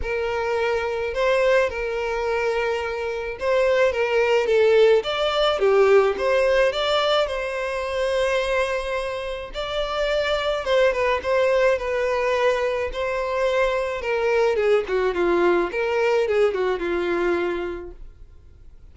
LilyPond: \new Staff \with { instrumentName = "violin" } { \time 4/4 \tempo 4 = 107 ais'2 c''4 ais'4~ | ais'2 c''4 ais'4 | a'4 d''4 g'4 c''4 | d''4 c''2.~ |
c''4 d''2 c''8 b'8 | c''4 b'2 c''4~ | c''4 ais'4 gis'8 fis'8 f'4 | ais'4 gis'8 fis'8 f'2 | }